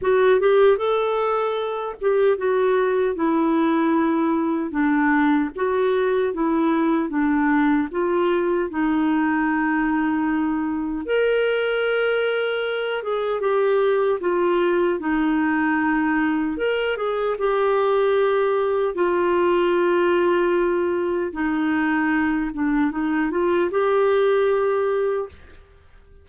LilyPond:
\new Staff \with { instrumentName = "clarinet" } { \time 4/4 \tempo 4 = 76 fis'8 g'8 a'4. g'8 fis'4 | e'2 d'4 fis'4 | e'4 d'4 f'4 dis'4~ | dis'2 ais'2~ |
ais'8 gis'8 g'4 f'4 dis'4~ | dis'4 ais'8 gis'8 g'2 | f'2. dis'4~ | dis'8 d'8 dis'8 f'8 g'2 | }